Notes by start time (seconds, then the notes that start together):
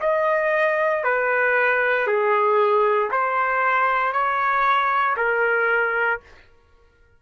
0.00 D#5
1.03 B4
2.07 G#4
3.11 C5
4.12 C#5
5.16 A#4